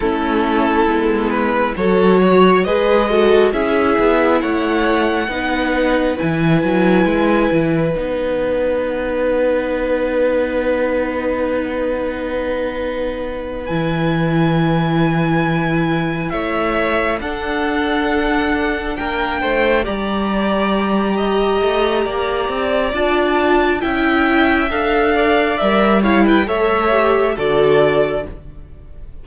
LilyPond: <<
  \new Staff \with { instrumentName = "violin" } { \time 4/4 \tempo 4 = 68 a'4. b'8 cis''4 dis''4 | e''4 fis''2 gis''4~ | gis''4 fis''2.~ | fis''2.~ fis''8 gis''8~ |
gis''2~ gis''8 e''4 fis''8~ | fis''4. g''4 ais''4.~ | ais''2 a''4 g''4 | f''4 e''8 f''16 g''16 e''4 d''4 | }
  \new Staff \with { instrumentName = "violin" } { \time 4/4 e'2 a'8 cis''8 b'8 a'8 | gis'4 cis''4 b'2~ | b'1~ | b'1~ |
b'2~ b'8 cis''4 a'8~ | a'4. ais'8 c''8 d''4. | dis''4 d''2 e''4~ | e''8 d''4 cis''16 b'16 cis''4 a'4 | }
  \new Staff \with { instrumentName = "viola" } { \time 4/4 cis'4 b4 fis'4 gis'8 fis'8 | e'2 dis'4 e'4~ | e'4 dis'2.~ | dis'2.~ dis'8 e'8~ |
e'2.~ e'8 d'8~ | d'2~ d'8 g'4.~ | g'2 f'4 e'4 | a'4 ais'8 e'8 a'8 g'8 fis'4 | }
  \new Staff \with { instrumentName = "cello" } { \time 4/4 a4 gis4 fis4 gis4 | cis'8 b8 a4 b4 e8 fis8 | gis8 e8 b2.~ | b2.~ b8 e8~ |
e2~ e8 a4 d'8~ | d'4. ais8 a8 g4.~ | g8 a8 ais8 c'8 d'4 cis'4 | d'4 g4 a4 d4 | }
>>